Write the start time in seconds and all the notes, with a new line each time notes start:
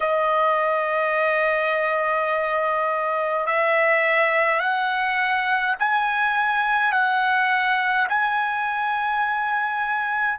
0.00 D#5
3.46 E5
4.59 F#5
5.78 G#5
6.92 F#5
8.08 G#5